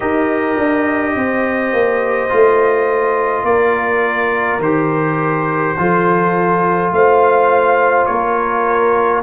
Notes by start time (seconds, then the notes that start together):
0.00 D#4 G4 A#4 D#5
0.58 D4
1.15 C4 C5
1.73 A#3
2.29 A3 F4
3.43 A#3 A#4 D5
4.58 D#3 G4 C5
5.77 F3 F4 A4
6.91 A3 C5 F5
8.06 A#3 A#4 C#5